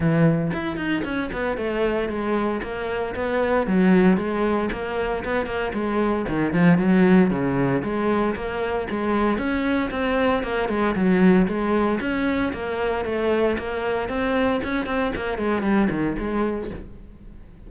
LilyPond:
\new Staff \with { instrumentName = "cello" } { \time 4/4 \tempo 4 = 115 e4 e'8 dis'8 cis'8 b8 a4 | gis4 ais4 b4 fis4 | gis4 ais4 b8 ais8 gis4 | dis8 f8 fis4 cis4 gis4 |
ais4 gis4 cis'4 c'4 | ais8 gis8 fis4 gis4 cis'4 | ais4 a4 ais4 c'4 | cis'8 c'8 ais8 gis8 g8 dis8 gis4 | }